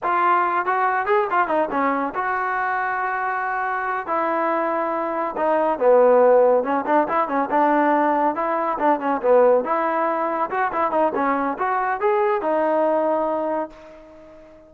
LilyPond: \new Staff \with { instrumentName = "trombone" } { \time 4/4 \tempo 4 = 140 f'4. fis'4 gis'8 f'8 dis'8 | cis'4 fis'2.~ | fis'4. e'2~ e'8~ | e'8 dis'4 b2 cis'8 |
d'8 e'8 cis'8 d'2 e'8~ | e'8 d'8 cis'8 b4 e'4.~ | e'8 fis'8 e'8 dis'8 cis'4 fis'4 | gis'4 dis'2. | }